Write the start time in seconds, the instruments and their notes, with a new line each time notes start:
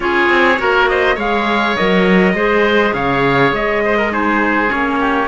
0.00 cello C#4, clarinet F4, oboe G#4, trumpet C#5
0.29 cello C4
0.57 cello A#3, clarinet F#4, oboe A#4
0.88 oboe C5, trumpet D#5
1.15 cello G#3, clarinet G#4, oboe C#5, trumpet F5
1.76 cello F#3, clarinet A#4, trumpet D#5
2.33 cello G#3, clarinet G#4, oboe C5
2.93 cello C#3, oboe C#5, trumpet F5
3.52 cello G#3, trumpet D#5
3.84 oboe C5
3.97 oboe A#4
4.11 clarinet D#4, oboe G#4, trumpet C5
4.67 cello A#3, clarinet C#4, trumpet C#5
4.99 oboe G4